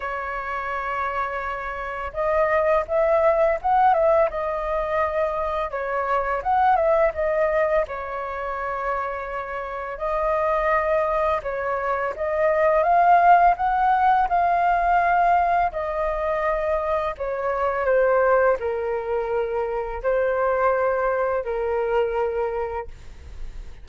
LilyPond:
\new Staff \with { instrumentName = "flute" } { \time 4/4 \tempo 4 = 84 cis''2. dis''4 | e''4 fis''8 e''8 dis''2 | cis''4 fis''8 e''8 dis''4 cis''4~ | cis''2 dis''2 |
cis''4 dis''4 f''4 fis''4 | f''2 dis''2 | cis''4 c''4 ais'2 | c''2 ais'2 | }